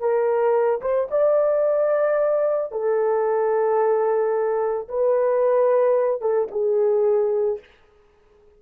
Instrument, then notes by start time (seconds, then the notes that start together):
horn
0.00 A#4
0.81 C5
1.11 D5
2.72 A4
4.89 B4
6.21 A4
6.52 G#4